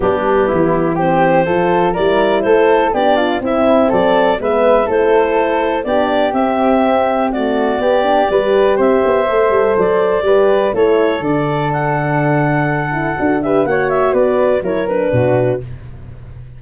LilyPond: <<
  \new Staff \with { instrumentName = "clarinet" } { \time 4/4 \tempo 4 = 123 g'2 c''2 | d''4 c''4 d''4 e''4 | d''4 e''4 c''2 | d''4 e''2 d''4~ |
d''2 e''2 | d''2 cis''4 d''4 | fis''2.~ fis''8 e''8 | fis''8 e''8 d''4 cis''8 b'4. | }
  \new Staff \with { instrumentName = "flute" } { \time 4/4 d'4 e'4 g'4 a'4 | ais'4 a'4 g'8 f'8 e'4 | a'4 b'4 a'2 | g'2. fis'4 |
g'4 b'4 c''2~ | c''4 b'4 a'2~ | a'2.~ a'8 b'8 | cis''4 b'4 ais'4 fis'4 | }
  \new Staff \with { instrumentName = "horn" } { \time 4/4 b2 c'4 f'4 | e'2 d'4 c'4~ | c'4 b4 e'2 | d'4 c'2 a4 |
b8 d'8 g'2 a'4~ | a'4 g'4 e'4 d'4~ | d'2~ d'8 e'8 fis'8 g'8 | fis'2 e'8 d'4. | }
  \new Staff \with { instrumentName = "tuba" } { \time 4/4 g4 e2 f4 | g4 a4 b4 c'4 | fis4 gis4 a2 | b4 c'2. |
b4 g4 c'8 b8 a8 g8 | fis4 g4 a4 d4~ | d2. d'4 | ais4 b4 fis4 b,4 | }
>>